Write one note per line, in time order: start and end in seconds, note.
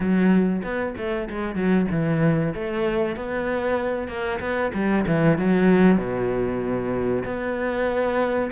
0.00 0.62 F#3
0.63 0.94 B3
0.97 1.29 A3
1.29 1.55 G#3
1.55 1.87 F#3
1.91 2.54 E3
2.54 3.16 A3
3.16 4.08 B3
4.08 4.39 A#3
4.40 4.71 B3
4.74 5.05 G3
5.06 5.37 E3
5.37 5.97 F#3
5.97 7.24 B2
7.24 8.51 B3